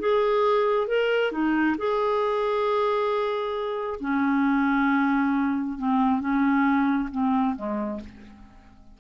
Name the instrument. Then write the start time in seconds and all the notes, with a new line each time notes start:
clarinet
0.00 G#4
0.87 A#4
1.32 D#4
1.78 G#4
4.01 C#4
5.78 C4
6.20 C#4
7.12 C4
7.56 G#3